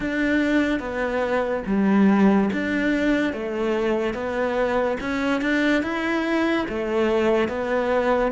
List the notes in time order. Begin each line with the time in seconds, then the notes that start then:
0.00 D4
0.79 B3
1.66 G3
2.52 D4
3.33 A3
4.14 B3
5.00 C#4
5.41 D4
5.83 E4
6.69 A3
7.48 B3